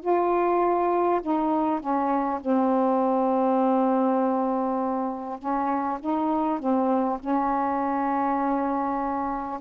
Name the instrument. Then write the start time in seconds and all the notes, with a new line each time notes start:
saxophone
0.00 F4
1.21 D#4
1.80 C#4
2.40 C4
5.38 C#4
6.00 D#4
6.59 C4
7.19 C#4